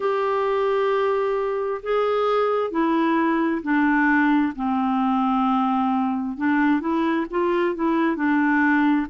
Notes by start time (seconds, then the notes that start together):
0.00 G4
1.83 G#4
2.70 E4
3.62 D4
4.55 C4
6.37 D4
6.80 E4
7.30 F4
7.75 E4
8.16 D4